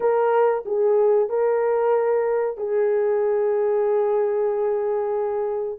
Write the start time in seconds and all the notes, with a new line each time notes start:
0.00 A#4
0.65 G#4
1.29 A#4
2.57 G#4